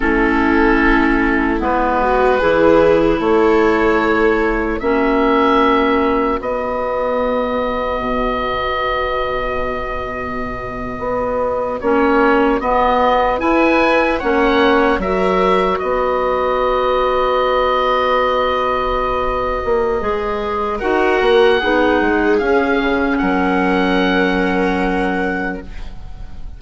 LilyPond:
<<
  \new Staff \with { instrumentName = "oboe" } { \time 4/4 \tempo 4 = 75 a'2 b'2 | cis''2 e''2 | dis''1~ | dis''2~ dis''8. cis''4 dis''16~ |
dis''8. gis''4 fis''4 e''4 dis''16~ | dis''1~ | dis''2 fis''2 | f''4 fis''2. | }
  \new Staff \with { instrumentName = "viola" } { \time 4/4 e'2~ e'8 fis'8 gis'4 | a'2 fis'2~ | fis'1~ | fis'1~ |
fis'8. b'4 cis''4 ais'4 b'16~ | b'1~ | b'2 ais'4 gis'4~ | gis'4 ais'2. | }
  \new Staff \with { instrumentName = "clarinet" } { \time 4/4 cis'2 b4 e'4~ | e'2 cis'2 | b1~ | b2~ b8. cis'4 b16~ |
b8. e'4 cis'4 fis'4~ fis'16~ | fis'1~ | fis'4 gis'4 fis'4 dis'4 | cis'1 | }
  \new Staff \with { instrumentName = "bassoon" } { \time 4/4 a2 gis4 e4 | a2 ais2 | b2 b,2~ | b,4.~ b,16 b4 ais4 b16~ |
b8. e'4 ais4 fis4 b16~ | b1~ | b8 ais8 gis4 dis'8 ais8 b8 gis8 | cis'8 cis8 fis2. | }
>>